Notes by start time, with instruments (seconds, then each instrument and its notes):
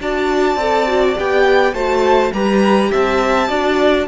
0.00 cello D4, viola F#4, violin D5 A5
0.56 cello C4, viola A4
0.87 viola F#4
1.15 cello B3, viola G4, violin G5
1.73 cello A3, viola F#4, violin C5 A5
2.33 cello G3, viola G4, violin B4 A#5
2.91 cello C4, violin E5 A5
3.48 cello D4, viola F#4, violin D5